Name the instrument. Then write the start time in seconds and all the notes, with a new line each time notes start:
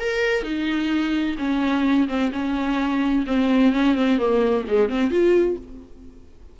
viola
0.00 A#4
0.43 D#4
1.38 C#4
2.08 C4
2.33 C#4
3.27 C4
3.74 C#4
3.96 C4
4.18 A#3
4.68 G#3
4.89 C4
5.11 F4